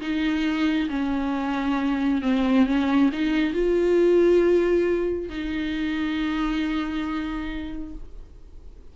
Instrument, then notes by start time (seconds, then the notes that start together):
viola
0.00 D#4
0.89 C#4
2.21 C4
2.66 C#4
3.12 D#4
3.53 F4
5.29 D#4